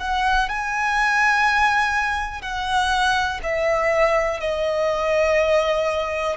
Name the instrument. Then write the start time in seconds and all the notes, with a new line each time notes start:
violin
0.00 F#5
0.49 G#5
2.41 F#5
3.43 E5
4.40 D#5